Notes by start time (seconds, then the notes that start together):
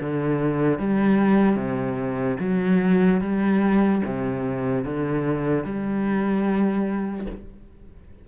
0.00 D3
0.79 G3
1.56 C3
2.40 F#3
3.21 G3
4.05 C3
4.84 D3
5.64 G3